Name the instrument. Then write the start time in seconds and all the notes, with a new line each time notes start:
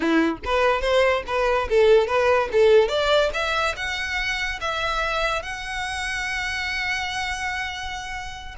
violin
0.00 E4
0.44 B4
0.81 C5
1.26 B4
1.69 A4
2.07 B4
2.52 A4
2.88 D5
3.33 E5
3.76 F#5
4.60 E5
5.42 F#5